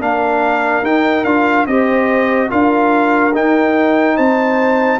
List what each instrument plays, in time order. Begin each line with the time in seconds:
0.00 tuba A#3, trombone D4, horn A#4, trumpet F5
0.82 tuba D#4, trombone D#4, trumpet G5
1.24 tuba D4, trombone F4, trumpet F5
1.67 tuba C4, trombone G4, horn C5, trumpet D#5
2.49 tuba D4, trombone F4, horn A#4, trumpet F5
3.34 trombone D#4, tuba D#4, trumpet G5
4.16 tuba C4, horn C5, trumpet A5